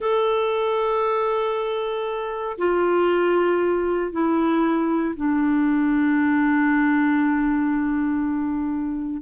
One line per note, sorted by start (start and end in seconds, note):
0.00 2.57 A4
2.58 4.12 F4
4.12 5.14 E4
5.16 9.22 D4